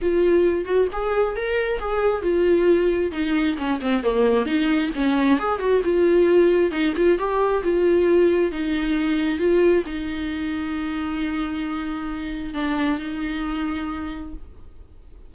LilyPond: \new Staff \with { instrumentName = "viola" } { \time 4/4 \tempo 4 = 134 f'4. fis'8 gis'4 ais'4 | gis'4 f'2 dis'4 | cis'8 c'8 ais4 dis'4 cis'4 | gis'8 fis'8 f'2 dis'8 f'8 |
g'4 f'2 dis'4~ | dis'4 f'4 dis'2~ | dis'1 | d'4 dis'2. | }